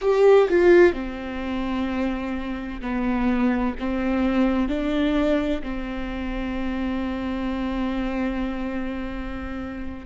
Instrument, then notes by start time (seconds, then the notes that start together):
viola
0.01 G4
0.49 F4
0.93 C4
2.81 B3
3.79 C4
4.68 D4
5.62 C4